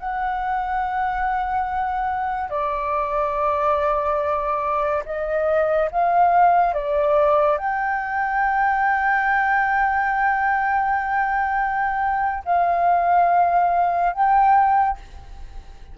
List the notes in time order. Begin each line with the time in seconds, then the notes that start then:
0.00 F#5
2.50 D5
5.06 D#5
5.92 F5
6.74 D5
7.58 G5
12.46 F5
14.14 G5